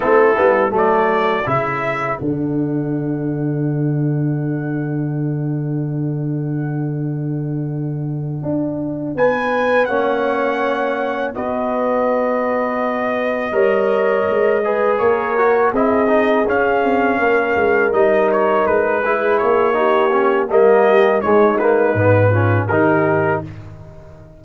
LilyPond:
<<
  \new Staff \with { instrumentName = "trumpet" } { \time 4/4 \tempo 4 = 82 a'4 d''4 e''4 fis''4~ | fis''1~ | fis''1~ | fis''8 gis''4 fis''2 dis''8~ |
dis''1~ | dis''8 cis''4 dis''4 f''4.~ | f''8 dis''8 cis''8 b'4 cis''4. | dis''4 cis''8 b'4. ais'4 | }
  \new Staff \with { instrumentName = "horn" } { \time 4/4 e'4 a'2.~ | a'1~ | a'1~ | a'8 b'4 cis''2 b'8~ |
b'2~ b'8 cis''4. | b'8 ais'4 gis'2 ais'8~ | ais'2 gis'4 g'4 | ais'8 g'8 dis'4. f'8 g'4 | }
  \new Staff \with { instrumentName = "trombone" } { \time 4/4 c'8 b8 a4 e'4 d'4~ | d'1~ | d'1~ | d'4. cis'2 fis'8~ |
fis'2~ fis'8 ais'4. | gis'4 fis'8 e'8 dis'8 cis'4.~ | cis'8 dis'4. e'4 dis'8 cis'8 | ais4 gis8 ais8 b8 cis'8 dis'4 | }
  \new Staff \with { instrumentName = "tuba" } { \time 4/4 a8 g8 fis4 cis4 d4~ | d1~ | d2.~ d8 d'8~ | d'8 b4 ais2 b8~ |
b2~ b8 g4 gis8~ | gis8 ais4 c'4 cis'8 c'8 ais8 | gis8 g4 gis4 ais4. | g4 gis4 gis,4 dis4 | }
>>